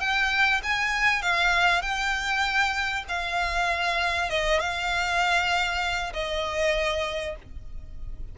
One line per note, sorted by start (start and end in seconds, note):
0.00 0.61 G5
0.63 1.22 G#5
1.22 1.82 F5
1.82 3.04 G5
3.08 4.30 F5
4.30 4.60 D#5
4.60 6.13 F5
6.13 7.36 D#5